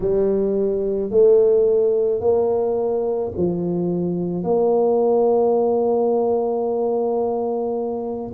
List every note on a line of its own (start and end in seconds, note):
0.00 1.10 G3
1.10 2.20 A3
2.20 3.31 A#3
3.36 4.43 F3
4.43 8.32 A#3